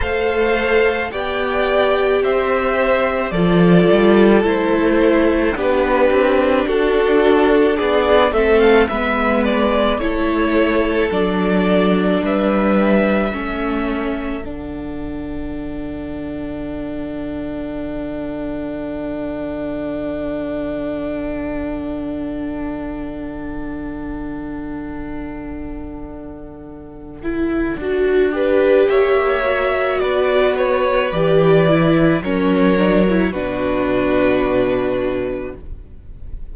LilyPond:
<<
  \new Staff \with { instrumentName = "violin" } { \time 4/4 \tempo 4 = 54 f''4 g''4 e''4 d''4 | c''4 b'4 a'4 d''8 e''16 f''16 | e''8 d''8 cis''4 d''4 e''4~ | e''4 fis''2.~ |
fis''1~ | fis''1~ | fis''2 e''4 d''8 cis''8 | d''4 cis''4 b'2 | }
  \new Staff \with { instrumentName = "violin" } { \time 4/4 c''4 d''4 c''4 a'4~ | a'4 g'4 fis'4 gis'8 a'8 | b'4 a'2 b'4 | a'1~ |
a'1~ | a'1~ | a'4. b'8 cis''4 b'4~ | b'4 ais'4 fis'2 | }
  \new Staff \with { instrumentName = "viola" } { \time 4/4 a'4 g'2 f'4 | e'4 d'2~ d'8 c'8 | b4 e'4 d'2 | cis'4 d'2.~ |
d'1~ | d'1~ | d'8 e'8 fis'8 g'4 fis'4. | g'8 e'8 cis'8 d'16 e'16 d'2 | }
  \new Staff \with { instrumentName = "cello" } { \time 4/4 a4 b4 c'4 f8 g8 | a4 b8 c'8 d'4 b8 a8 | gis4 a4 fis4 g4 | a4 d2.~ |
d1~ | d1~ | d4 d'4 ais4 b4 | e4 fis4 b,2 | }
>>